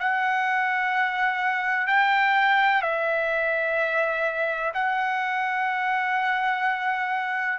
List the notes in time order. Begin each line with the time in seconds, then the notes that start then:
0.00 F#5
1.87 G5
2.82 E5
4.74 F#5